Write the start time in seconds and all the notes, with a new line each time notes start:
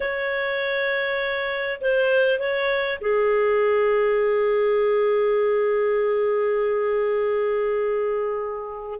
0.00 C#5
1.81 C5
2.39 C#5
3.00 G#4